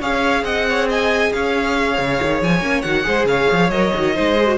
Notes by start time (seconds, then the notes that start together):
0.00 C#4 G#4 C#5 F5
0.43 C4 D#5 F#5
0.69 C#5
0.89 D#5 G#5
1.33 C#4 C#5 F5
1.98 C#3
2.22 D#3
2.42 F3 G#5
2.61 A#3 C#4
2.82 D#3 F#4 F#5
3.04 G#3 G#4 C5
3.25 C#3 C#5 F5
3.52 F3
3.70 F#3 A#4 D#5
3.95 D#3 F#4
4.14 G#3 D#4 C5
4.37 G#4
4.47 F#4